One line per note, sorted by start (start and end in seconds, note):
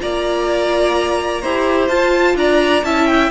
0.00 1.44 A#3
0.00 1.42 F4
0.00 1.42 D5
0.00 1.89 A#5
1.42 1.89 E4
1.42 1.90 G4
1.42 2.37 C5
1.89 2.36 F4
1.89 2.84 F4
1.89 2.36 A5
2.36 2.83 D4
2.36 2.86 D5
2.36 2.84 A#5
2.84 3.31 C#4
2.84 3.32 E4
2.84 3.32 E5
2.84 3.07 A5
3.07 3.31 G5